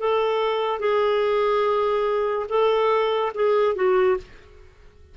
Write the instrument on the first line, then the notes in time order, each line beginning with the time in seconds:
clarinet
0.00 A4
0.80 G#4
2.49 A4
3.35 G#4
3.76 F#4